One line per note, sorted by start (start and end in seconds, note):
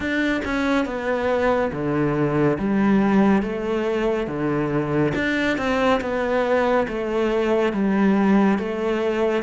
0.00 0.41 D4
0.44 0.85 C#4
0.85 1.71 B3
1.72 2.58 D3
2.59 3.42 G3
3.42 4.27 A3
4.27 5.12 D3
5.14 5.57 D4
5.57 6.00 C4
6.00 6.86 B3
6.88 7.73 A3
7.73 8.58 G3
8.58 9.42 A3